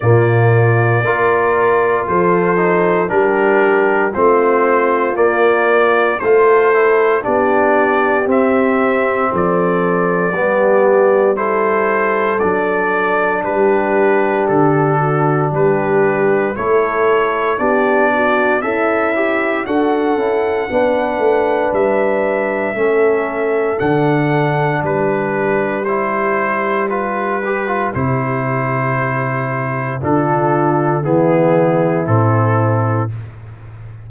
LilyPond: <<
  \new Staff \with { instrumentName = "trumpet" } { \time 4/4 \tempo 4 = 58 d''2 c''4 ais'4 | c''4 d''4 c''4 d''4 | e''4 d''2 c''4 | d''4 b'4 a'4 b'4 |
cis''4 d''4 e''4 fis''4~ | fis''4 e''2 fis''4 | b'4 c''4 b'4 c''4~ | c''4 a'4 gis'4 a'4 | }
  \new Staff \with { instrumentName = "horn" } { \time 4/4 f'4 ais'4 a'4 g'4 | f'2 a'4 g'4~ | g'4 a'4 g'4 a'4~ | a'4 g'4. fis'8 g'4 |
a'4 g'8 fis'8 e'4 a'4 | b'2 a'2 | g'1~ | g'4 f'4 e'2 | }
  \new Staff \with { instrumentName = "trombone" } { \time 4/4 ais4 f'4. dis'8 d'4 | c'4 ais4 f'8 e'8 d'4 | c'2 b4 e'4 | d'1 |
e'4 d'4 a'8 g'8 fis'8 e'8 | d'2 cis'4 d'4~ | d'4 e'4 f'8 g'16 f'16 e'4~ | e'4 d'4 b4 c'4 | }
  \new Staff \with { instrumentName = "tuba" } { \time 4/4 ais,4 ais4 f4 g4 | a4 ais4 a4 b4 | c'4 f4 g2 | fis4 g4 d4 g4 |
a4 b4 cis'4 d'8 cis'8 | b8 a8 g4 a4 d4 | g2. c4~ | c4 d4 e4 a,4 | }
>>